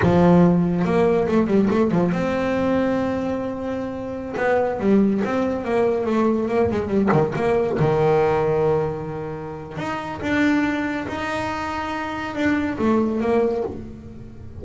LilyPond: \new Staff \with { instrumentName = "double bass" } { \time 4/4 \tempo 4 = 141 f2 ais4 a8 g8 | a8 f8 c'2.~ | c'2~ c'16 b4 g8.~ | g16 c'4 ais4 a4 ais8 gis16~ |
gis16 g8 dis8 ais4 dis4.~ dis16~ | dis2. dis'4 | d'2 dis'2~ | dis'4 d'4 a4 ais4 | }